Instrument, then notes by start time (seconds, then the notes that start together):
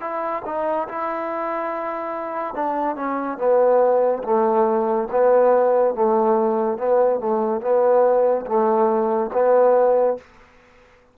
trombone
0.00 E4
0.45 D#4
0.88 E4
2.54 D4
2.95 C#4
3.38 B3
4.23 A3
5.11 B3
5.94 A3
6.77 B3
7.19 A3
7.61 B3
8.46 A3
9.33 B3